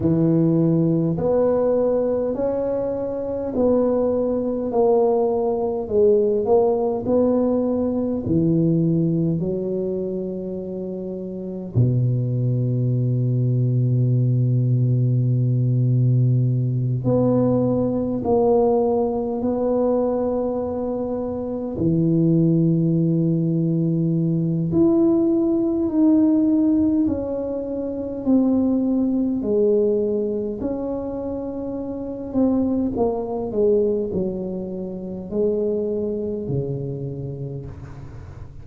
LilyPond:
\new Staff \with { instrumentName = "tuba" } { \time 4/4 \tempo 4 = 51 e4 b4 cis'4 b4 | ais4 gis8 ais8 b4 e4 | fis2 b,2~ | b,2~ b,8 b4 ais8~ |
ais8 b2 e4.~ | e4 e'4 dis'4 cis'4 | c'4 gis4 cis'4. c'8 | ais8 gis8 fis4 gis4 cis4 | }